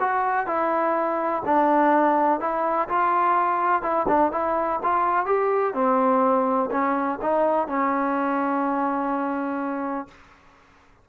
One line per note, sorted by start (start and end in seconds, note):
0.00 0.46 F#4
0.46 1.42 E4
1.46 2.41 D4
2.41 2.89 E4
2.89 3.82 F4
3.82 4.06 E4
4.08 4.32 D4
4.32 4.80 E4
4.83 5.26 F4
5.26 5.74 G4
5.74 6.70 C4
6.71 7.19 C#4
7.22 7.68 D#4
7.68 10.08 C#4